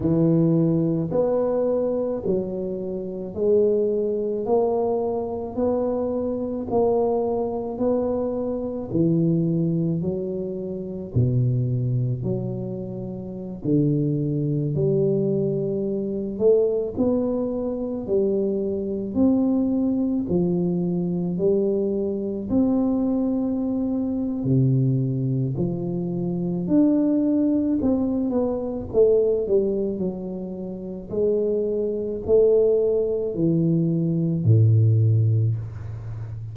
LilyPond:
\new Staff \with { instrumentName = "tuba" } { \time 4/4 \tempo 4 = 54 e4 b4 fis4 gis4 | ais4 b4 ais4 b4 | e4 fis4 b,4 fis4~ | fis16 d4 g4. a8 b8.~ |
b16 g4 c'4 f4 g8.~ | g16 c'4.~ c'16 c4 f4 | d'4 c'8 b8 a8 g8 fis4 | gis4 a4 e4 a,4 | }